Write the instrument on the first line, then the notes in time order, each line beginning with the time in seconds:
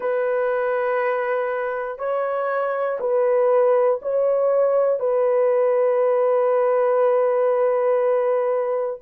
horn
0.00 B4
1.98 C#5
3.00 B4
4.01 C#5
4.99 B4